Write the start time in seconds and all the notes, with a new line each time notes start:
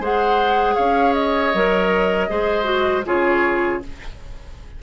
0.00 G#3 G#4 C5 F#5
0.75 C#4 C#5 F5
1.14 D#5
1.55 F#3 A#4
2.29 G#3 G#4 C5
2.64 F#4
3.06 C#3 F4 G#4 C#5